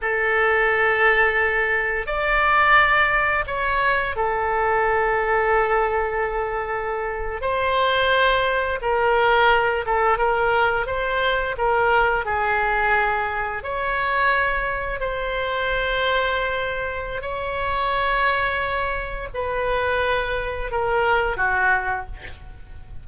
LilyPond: \new Staff \with { instrumentName = "oboe" } { \time 4/4 \tempo 4 = 87 a'2. d''4~ | d''4 cis''4 a'2~ | a'2~ a'8. c''4~ c''16~ | c''8. ais'4. a'8 ais'4 c''16~ |
c''8. ais'4 gis'2 cis''16~ | cis''4.~ cis''16 c''2~ c''16~ | c''4 cis''2. | b'2 ais'4 fis'4 | }